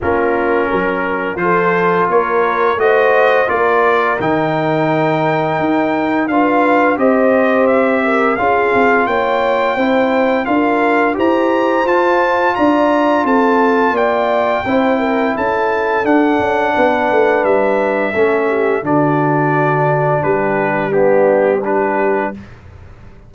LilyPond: <<
  \new Staff \with { instrumentName = "trumpet" } { \time 4/4 \tempo 4 = 86 ais'2 c''4 cis''4 | dis''4 d''4 g''2~ | g''4 f''4 dis''4 e''4 | f''4 g''2 f''4 |
ais''4 a''4 ais''4 a''4 | g''2 a''4 fis''4~ | fis''4 e''2 d''4~ | d''4 b'4 g'4 b'4 | }
  \new Staff \with { instrumentName = "horn" } { \time 4/4 f'4 ais'4 a'4 ais'4 | c''4 ais'2.~ | ais'4 b'4 c''4. ais'8 | gis'4 cis''4 c''4 ais'4 |
c''2 d''4 a'4 | d''4 c''8 ais'8 a'2 | b'2 a'8 g'8 fis'4~ | fis'4 g'4 d'4 g'4 | }
  \new Staff \with { instrumentName = "trombone" } { \time 4/4 cis'2 f'2 | fis'4 f'4 dis'2~ | dis'4 f'4 g'2 | f'2 e'4 f'4 |
g'4 f'2.~ | f'4 e'2 d'4~ | d'2 cis'4 d'4~ | d'2 b4 d'4 | }
  \new Staff \with { instrumentName = "tuba" } { \time 4/4 ais4 fis4 f4 ais4 | a4 ais4 dis2 | dis'4 d'4 c'2 | cis'8 c'8 ais4 c'4 d'4 |
e'4 f'4 d'4 c'4 | ais4 c'4 cis'4 d'8 cis'8 | b8 a8 g4 a4 d4~ | d4 g2. | }
>>